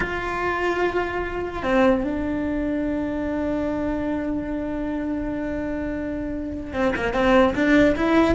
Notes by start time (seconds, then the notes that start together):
0.00 F4
1.63 C4
2.04 D4
6.73 C4
6.95 A#3
7.13 C4
7.54 D4
7.95 E4